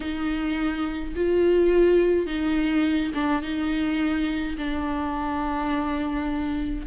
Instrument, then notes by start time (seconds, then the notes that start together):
viola
0.00 D#4
1.15 F4
2.26 D#4
3.14 D4
3.42 D#4
4.57 D4